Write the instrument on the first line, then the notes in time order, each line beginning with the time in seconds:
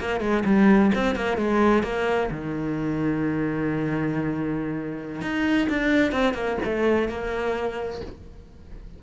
cello
0.00 A#3
0.21 G#3
0.45 G3
0.95 C4
1.16 A#3
1.38 G#3
1.83 A#3
2.31 D#3
5.22 D#4
5.70 D4
6.12 C4
6.34 A#3
6.65 A3
7.08 A#3